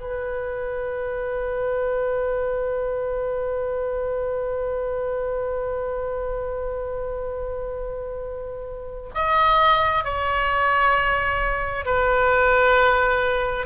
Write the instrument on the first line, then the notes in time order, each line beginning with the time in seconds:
oboe
0.00 B4
9.14 D#5
10.04 C#5
11.85 B4